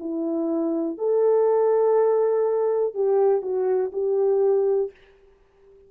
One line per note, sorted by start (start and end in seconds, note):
0.00 0.98 E4
0.98 2.95 A4
2.95 3.42 G4
3.42 3.92 F#4
3.93 4.91 G4